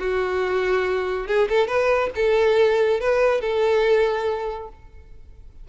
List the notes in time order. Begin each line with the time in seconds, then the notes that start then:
0.00 F#4
1.27 G#4
1.50 A4
1.68 B4
2.16 A4
3.01 B4
3.41 A4